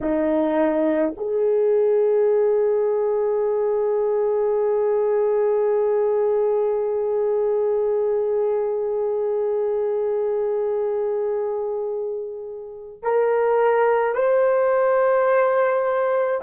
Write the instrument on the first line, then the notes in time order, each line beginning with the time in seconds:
horn
0.00 D#4
1.16 G#4
13.02 A#4
14.15 C5